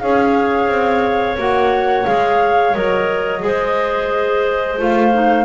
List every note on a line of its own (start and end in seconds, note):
0.00 0.68 C#4
0.00 1.37 G#4
0.00 3.45 C#5
0.00 1.36 F5
0.68 1.36 C4
1.37 2.06 A#3
1.37 2.05 F#4
1.37 2.06 F#5
2.06 2.75 G#3
2.06 2.74 G#4
2.06 2.74 F5
2.74 3.42 F#3
2.74 3.40 A#4
2.74 4.79 D#5
3.40 4.79 G#3
3.40 4.76 G#4
3.40 5.45 C5
4.78 5.45 A3
4.78 5.12 F4
4.78 5.45 F5
5.12 5.45 D#4